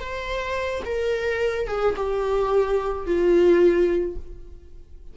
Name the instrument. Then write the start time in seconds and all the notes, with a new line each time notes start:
viola
0.00 C5
0.85 A#4
1.67 G#4
1.96 G4
3.06 F4